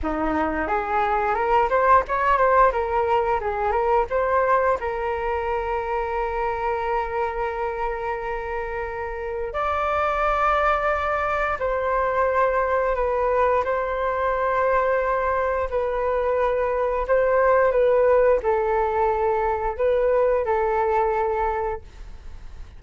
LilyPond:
\new Staff \with { instrumentName = "flute" } { \time 4/4 \tempo 4 = 88 dis'4 gis'4 ais'8 c''8 cis''8 c''8 | ais'4 gis'8 ais'8 c''4 ais'4~ | ais'1~ | ais'2 d''2~ |
d''4 c''2 b'4 | c''2. b'4~ | b'4 c''4 b'4 a'4~ | a'4 b'4 a'2 | }